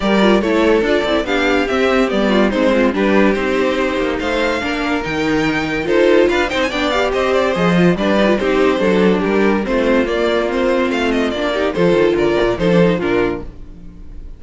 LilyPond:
<<
  \new Staff \with { instrumentName = "violin" } { \time 4/4 \tempo 4 = 143 d''4 cis''4 d''4 f''4 | e''4 d''4 c''4 b'4 | c''2 f''2 | g''2 c''4 f''8 g''16 gis''16 |
g''8 f''8 dis''8 d''8 dis''4 d''4 | c''2 ais'4 c''4 | d''4 c''4 f''8 dis''8 d''4 | c''4 d''4 c''4 ais'4 | }
  \new Staff \with { instrumentName = "violin" } { \time 4/4 ais'4 a'2 g'4~ | g'4. f'8 dis'8 f'8 g'4~ | g'2 c''4 ais'4~ | ais'2 a'4 b'8 c''8 |
d''4 c''2 b'4 | g'4 a'4 g'4 f'4~ | f'2.~ f'8 g'8 | a'4 ais'4 a'4 f'4 | }
  \new Staff \with { instrumentName = "viola" } { \time 4/4 g'8 f'8 e'4 f'8 e'8 d'4 | c'4 b4 c'4 d'4 | dis'2. d'4 | dis'2 f'4. dis'8 |
d'8 g'4. gis'8 f'8 d'8 dis'16 f'16 | dis'4 d'2 c'4 | ais4 c'2 d'8 dis'8 | f'2 dis'16 d'16 dis'8 d'4 | }
  \new Staff \with { instrumentName = "cello" } { \time 4/4 g4 a4 d'8 c'8 b4 | c'4 g4 gis4 g4 | c'4. ais8 a4 ais4 | dis2 dis'4 d'8 c'8 |
b4 c'4 f4 g4 | c'4 fis4 g4 a4 | ais2 a4 ais4 | f8 dis8 d8 ais,8 f4 ais,4 | }
>>